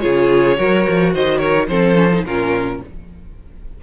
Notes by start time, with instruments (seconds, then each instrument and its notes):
0.00 cello C#3, viola F4, violin G#4 C#5
0.56 cello F#3, viola F#4, violin A#4
0.88 cello F3
1.14 cello D#3, violin C5 D#5
1.38 violin A#4 C#5
1.68 cello F3, viola C4, violin A4 C5
1.95 viola C#4
2.12 viola D#4
2.24 cello A#2, viola C#4, violin F4 A#4